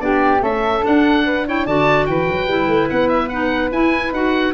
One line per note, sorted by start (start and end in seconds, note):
0.00 0.42 B3
0.00 0.40 D4
0.00 0.43 G4
0.00 0.41 D5
0.40 0.81 A3
0.40 0.84 C#4
0.40 1.25 A4
0.40 0.85 E5
0.82 1.43 D4
0.82 1.67 D4
0.82 1.48 F#5
1.25 1.46 B4
1.47 1.67 E4
1.47 1.66 C#5
1.47 1.67 G5
1.66 2.08 D3
1.66 2.48 F#4
1.66 2.07 D5
1.66 2.07 A5
2.07 2.28 E3
2.07 4.54 B4
2.07 2.89 G5
2.30 2.47 F#3
2.47 2.68 G3
2.47 3.30 E4
2.68 2.88 A3
2.90 3.72 B3
2.90 3.08 F#5
3.08 3.29 E5
3.29 3.72 D#4
3.29 3.70 F#5
3.72 4.13 E4
3.72 4.12 E4
3.72 4.13 G#5
4.12 4.53 D#4
4.12 4.54 F#4
4.12 4.54 F#5